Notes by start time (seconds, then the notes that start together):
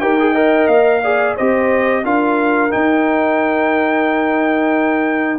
0.00 D#4 G4 A#4 G5
0.19 G#4
0.32 A#4 D#5
0.67 A#3 F5
1.02 G#4 D5
1.35 C4 G4 C5 D#5
2.03 D4 F4 A#4 F5
2.70 D#4 G5